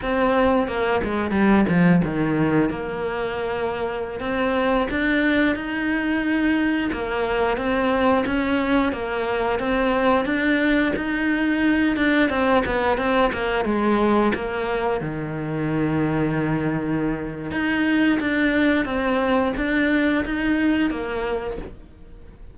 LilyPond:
\new Staff \with { instrumentName = "cello" } { \time 4/4 \tempo 4 = 89 c'4 ais8 gis8 g8 f8 dis4 | ais2~ ais16 c'4 d'8.~ | d'16 dis'2 ais4 c'8.~ | c'16 cis'4 ais4 c'4 d'8.~ |
d'16 dis'4. d'8 c'8 b8 c'8 ais16~ | ais16 gis4 ais4 dis4.~ dis16~ | dis2 dis'4 d'4 | c'4 d'4 dis'4 ais4 | }